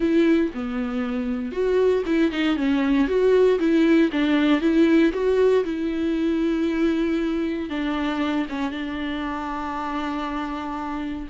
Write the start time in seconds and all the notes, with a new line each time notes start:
0.00 E4
0.54 B3
1.52 F#4
2.06 E4
2.31 D#4
2.56 C#4
3.07 F#4
3.59 E4
4.12 D4
4.61 E4
5.13 F#4
5.64 E4
7.69 D4
8.49 C#4
8.71 D4